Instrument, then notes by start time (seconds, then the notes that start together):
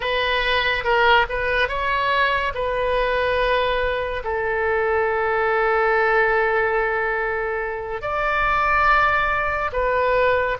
oboe
0.00 B4
0.83 A#4
1.29 B4
1.68 C#5
2.54 B4
4.24 A4
8.01 D5
9.72 B4